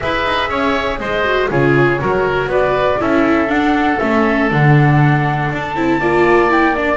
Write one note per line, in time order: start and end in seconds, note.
0.00 0.25 E4
0.00 1.24 G#4
0.00 0.49 B4
0.00 0.98 E5
0.25 0.49 D#4
0.49 0.99 C#4
0.49 0.99 C#5
0.98 1.49 G#3
0.98 1.49 C5
0.98 1.48 D#5
1.24 1.49 F#4
1.50 2.00 C#3
1.50 1.99 F4
1.50 2.00 G#4
1.50 2.51 C#5
1.99 2.46 F#3
1.99 2.99 F#4
1.99 2.50 A#4
2.46 2.96 B3
2.46 3.00 B4
2.46 3.01 D5
2.99 3.48 C#4
2.99 3.47 E4
2.99 5.99 A4
2.99 3.50 E5
3.47 3.97 D4
3.47 3.98 D4
3.47 3.99 F#5
3.99 4.51 A3
3.99 4.50 C#4
3.99 4.49 E5
4.51 5.51 D3
4.51 5.75 D4
4.51 5.51 F#5
5.51 5.75 D4
5.51 6.51 A5
5.75 5.99 C4
5.75 6.00 E4
5.99 6.97 A#3
5.99 6.49 F4
5.99 6.97 D5
6.49 6.74 E4
6.49 6.75 G5
6.75 6.97 D4
6.75 6.97 D5